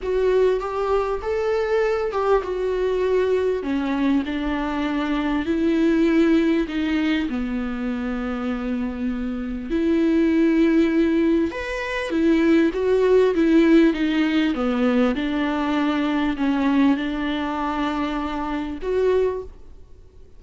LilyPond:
\new Staff \with { instrumentName = "viola" } { \time 4/4 \tempo 4 = 99 fis'4 g'4 a'4. g'8 | fis'2 cis'4 d'4~ | d'4 e'2 dis'4 | b1 |
e'2. b'4 | e'4 fis'4 e'4 dis'4 | b4 d'2 cis'4 | d'2. fis'4 | }